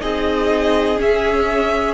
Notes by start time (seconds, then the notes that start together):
0.00 C4 D#4 G#4 D#5
0.97 C#4 E5